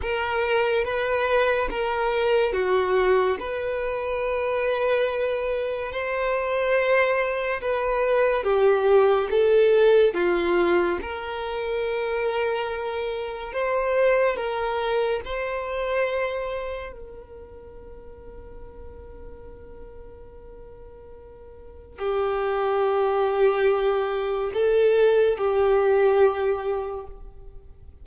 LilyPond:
\new Staff \with { instrumentName = "violin" } { \time 4/4 \tempo 4 = 71 ais'4 b'4 ais'4 fis'4 | b'2. c''4~ | c''4 b'4 g'4 a'4 | f'4 ais'2. |
c''4 ais'4 c''2 | ais'1~ | ais'2 g'2~ | g'4 a'4 g'2 | }